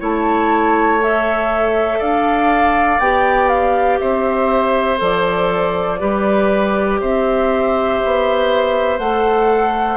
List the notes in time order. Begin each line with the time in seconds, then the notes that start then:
0.00 A3 E4 C#5 A5
1.01 A4 E5
1.99 D4 D5 F5
2.99 B3 G4 G5
3.49 F5
3.99 C4 C5 E5
4.98 F3 A4 D5
6.00 G3 G4 B4
7.01 C4 C5 E5
8.05 B3
8.99 A3 A4 F#5